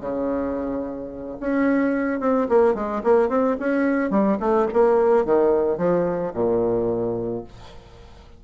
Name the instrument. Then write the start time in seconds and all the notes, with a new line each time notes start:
bassoon
0.00 C#3
1.40 C#4
2.20 C4
2.48 A#3
2.74 G#3
3.04 A#3
3.29 C4
3.60 C#4
4.10 G3
4.40 A3
4.73 A#3
5.25 D#3
5.77 F3
6.34 A#2